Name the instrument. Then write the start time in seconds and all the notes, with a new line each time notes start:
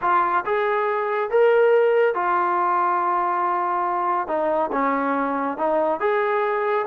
trombone
0.01 F4
0.45 G#4
1.30 A#4
2.14 F4
4.27 D#4
4.72 C#4
5.57 D#4
6.00 G#4